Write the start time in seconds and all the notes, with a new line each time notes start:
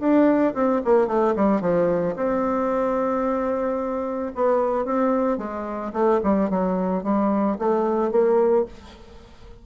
0.00 D4
0.54 C4
0.85 A#3
1.07 A3
1.36 G3
1.61 F3
2.16 C4
4.35 B3
4.85 C4
5.38 G#3
5.93 A3
6.23 G3
6.50 F#3
7.03 G3
7.58 A3
8.11 A#3